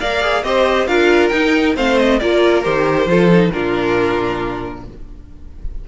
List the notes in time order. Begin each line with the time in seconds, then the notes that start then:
0.00 A#3 A#4 D5 F5
0.22 G#4
0.44 C4 G4 C5 D#5
0.87 D4 F4 A#4 F5
1.29 D#4 G5
1.75 A3 C4 C5 F5
1.98 D#5
2.19 A#3 F4 A#4 D5
2.64 D#3 G4 C5
3.06 F3 F4 A4
3.33 D#4
3.51 A#2 D4 F4 A#4